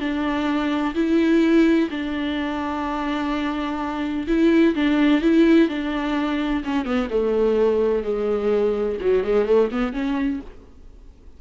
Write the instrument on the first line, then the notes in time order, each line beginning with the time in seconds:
viola
0.00 D4
0.95 E4
1.91 D4
4.28 E4
4.75 D4
5.22 E4
5.69 D4
6.64 C#4
6.85 B3
7.11 A3
8.04 G#3
9.01 F#3
9.24 G#3
9.46 A3
9.72 B3
9.93 C#4